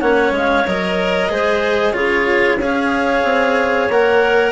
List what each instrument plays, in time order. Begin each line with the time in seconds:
0.00 bassoon A#3, cello C#4, clarinet C#5 F#5
0.31 bassoon G#3
0.38 clarinet F5
0.67 bassoon F#3, cello A#4, clarinet D#5
1.30 bassoon G#3, cello G#4, clarinet C5
1.93 bassoon C#3, cello F4, clarinet G#4 C#5
2.58 bassoon C#4, cello G#4, clarinet C#5 F5
3.25 bassoon C4
3.90 bassoon A#3, cello A#4, clarinet F#5